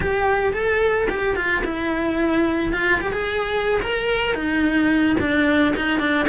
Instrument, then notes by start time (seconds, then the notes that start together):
cello
0.00 G4
0.53 A4
1.09 G4
1.36 F4
1.64 E4
2.72 F4
3.00 G4
3.12 G#4
3.82 A#4
4.34 D#4
5.19 D4
5.76 D#4
5.99 D4